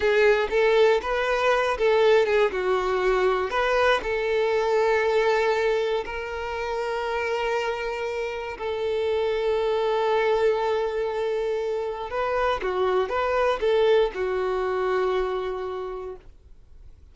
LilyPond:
\new Staff \with { instrumentName = "violin" } { \time 4/4 \tempo 4 = 119 gis'4 a'4 b'4. a'8~ | a'8 gis'8 fis'2 b'4 | a'1 | ais'1~ |
ais'4 a'2.~ | a'1 | b'4 fis'4 b'4 a'4 | fis'1 | }